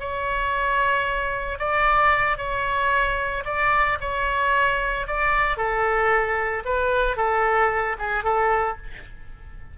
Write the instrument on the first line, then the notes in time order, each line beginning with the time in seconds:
oboe
0.00 C#5
1.59 D5
2.38 C#5
3.45 D5
4.01 C#5
5.08 D5
5.57 A4
6.65 B4
7.17 A4
7.99 G#4
8.24 A4